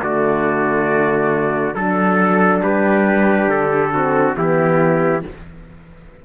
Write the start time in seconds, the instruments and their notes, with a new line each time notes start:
0.00 cello D3, horn A3, trumpet F#4 D5
1.74 cello F#3, horn D4, trumpet A4
2.62 cello G3, trumpet G4 B4
3.47 cello D3, trumpet A4
3.93 horn C4, trumpet F#4
4.35 cello E3, horn B3, trumpet E4 G4